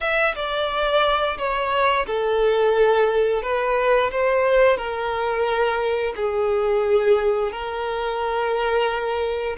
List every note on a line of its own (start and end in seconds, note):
0.00 0.34 E5
0.35 1.37 D5
1.38 2.06 C#5
2.06 3.42 A4
3.42 4.10 B4
4.11 4.77 C5
4.77 6.13 A#4
6.16 7.52 G#4
7.52 9.56 A#4